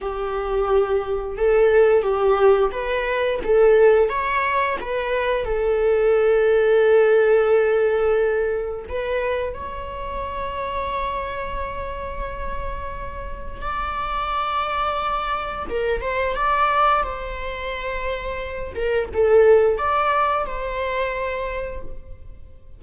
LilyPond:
\new Staff \with { instrumentName = "viola" } { \time 4/4 \tempo 4 = 88 g'2 a'4 g'4 | b'4 a'4 cis''4 b'4 | a'1~ | a'4 b'4 cis''2~ |
cis''1 | d''2. ais'8 c''8 | d''4 c''2~ c''8 ais'8 | a'4 d''4 c''2 | }